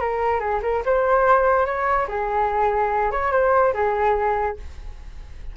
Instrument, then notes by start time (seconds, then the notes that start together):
flute
0.00 A#4
0.39 G#4
0.62 A#4
0.85 C5
1.65 C#5
2.08 G#4
3.11 C#5
3.32 C5
3.74 G#4